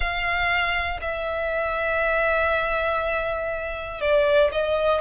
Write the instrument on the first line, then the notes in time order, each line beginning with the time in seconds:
violin
0.00 F5
1.01 E5
4.00 D5
4.51 D#5